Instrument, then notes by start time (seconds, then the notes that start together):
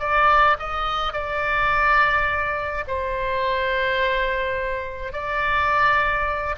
oboe
0.00 D5
0.59 D#5
1.13 D5
2.88 C5
5.13 D5